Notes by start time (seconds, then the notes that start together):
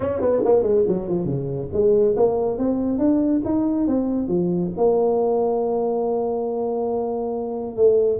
0.00 C#4
0.20 B3
0.44 A#3
0.63 G#3
0.87 F#3
1.08 F3
1.25 C#3
1.72 G#3
2.16 A#3
2.58 C4
2.98 D4
3.44 D#4
3.87 C4
4.28 F3
4.77 A#3
7.76 A3